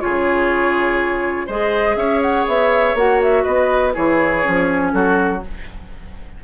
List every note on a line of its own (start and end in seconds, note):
0.00 1.48 C#3
0.00 1.48 F4
0.00 1.46 G#4
0.00 1.48 C#5
1.46 1.96 G#3
1.46 2.97 G#4
1.46 1.95 C5
1.46 1.97 D#5
1.96 2.45 C#4
1.96 3.43 C#5
1.96 2.21 E5
2.21 2.46 F#5
2.47 2.94 B3
2.47 2.97 E5
2.94 3.44 A#3
2.94 3.93 F#4
2.94 3.22 F#5
3.22 3.44 E5
3.43 3.96 B3
3.43 3.93 B4
3.43 3.93 D#5
3.93 4.45 E3
3.93 4.42 E4
3.93 4.92 G#4
3.93 4.92 C#5
4.42 4.93 F3
4.42 5.41 C#4
4.92 5.42 F#3
4.92 5.44 F#4
4.92 5.42 A4